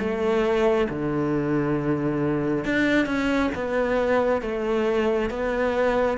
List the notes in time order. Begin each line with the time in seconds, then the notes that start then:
0.00 A3
0.89 D3
2.65 D4
3.06 C#4
3.55 B3
4.42 A3
5.31 B3